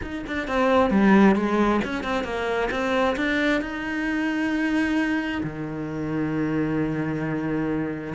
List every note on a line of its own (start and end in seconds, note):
0.02 0.25 D#4
0.26 0.47 D4
0.47 0.90 C4
0.90 1.35 G3
1.35 1.80 G#3
1.84 2.03 C#4
2.03 2.24 C4
2.24 2.69 A#3
2.70 3.15 C4
3.16 3.61 D4
3.61 5.41 D#4
5.43 8.13 D#3